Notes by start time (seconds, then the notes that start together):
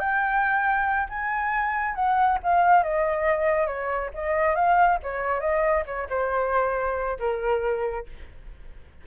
0.00 G5
1.10 G#5
1.95 F#5
2.43 F5
2.84 D#5
3.67 C#5
4.14 D#5
4.56 F5
5.03 C#5
5.41 D#5
5.86 C#5
6.10 C5
7.20 A#4